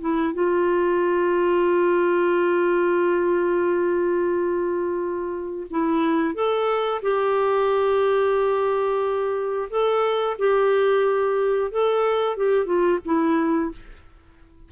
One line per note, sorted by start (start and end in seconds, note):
0.00 0.33 E4
0.33 5.66 F4
5.70 6.34 E4
6.34 7.01 A4
7.02 9.68 G4
9.70 10.36 A4
10.38 11.71 G4
11.71 12.37 A4
12.37 12.65 G4
12.65 12.98 F4
13.05 13.71 E4